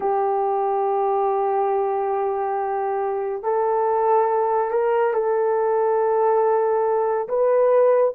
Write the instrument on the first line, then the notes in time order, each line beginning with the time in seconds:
horn
0.00 G4
3.43 A4
4.70 A#4
5.13 A4
7.28 B4